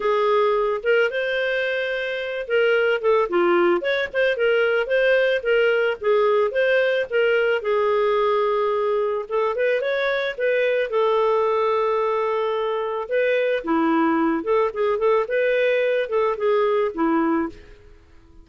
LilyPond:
\new Staff \with { instrumentName = "clarinet" } { \time 4/4 \tempo 4 = 110 gis'4. ais'8 c''2~ | c''8 ais'4 a'8 f'4 cis''8 c''8 | ais'4 c''4 ais'4 gis'4 | c''4 ais'4 gis'2~ |
gis'4 a'8 b'8 cis''4 b'4 | a'1 | b'4 e'4. a'8 gis'8 a'8 | b'4. a'8 gis'4 e'4 | }